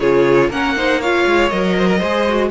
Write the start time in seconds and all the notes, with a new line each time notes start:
0.00 C#3 F4 G#4 C#5
0.50 A#3 C#4 A#4 F#5
0.76 D#4 C5
1.01 F4 C#5 F5
1.26 G#3
1.50 F#3 A#4 D#5
1.78 C5
1.88 A#4
1.99 G#3 G#4 C5
2.29 F#4